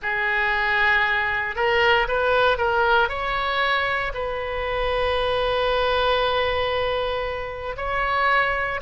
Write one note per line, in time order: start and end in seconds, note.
0.02 1.55 G#4
1.55 2.07 A#4
2.08 2.57 B4
2.57 3.08 A#4
3.08 4.12 C#5
4.14 7.76 B4
7.76 8.80 C#5